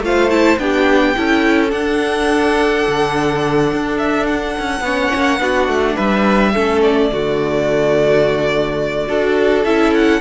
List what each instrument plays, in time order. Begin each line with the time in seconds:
0.00 cello A3, viola F4, violin C5 F5
0.30 viola E4, violin A5
0.59 cello B3, viola D4, violin G4 G5
1.16 cello C#4, viola E4, violin A4
1.69 viola D4, cello D4, violin F#5
2.88 cello D3
3.73 cello D4
3.98 violin E5
4.27 violin F#5
4.59 cello C#4
4.81 cello B3, viola C#4, violin C#5
5.15 cello A#3
5.39 cello B3, viola D4, violin F#4
5.68 cello A3
5.96 cello G3, violin B4 E5
6.54 cello A3, viola C#4, violin A4
6.82 violin D5
7.12 cello D3, viola A3, violin F#4
9.08 cello D4, viola F#4, violin A4
9.65 cello C#4, viola E4, violin E5
9.94 violin F#5